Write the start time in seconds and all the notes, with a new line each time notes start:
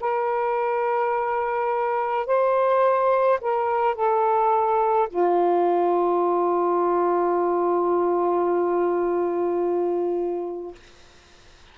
0.00 A#4
2.26 C5
3.41 A#4
3.95 A4
5.09 F4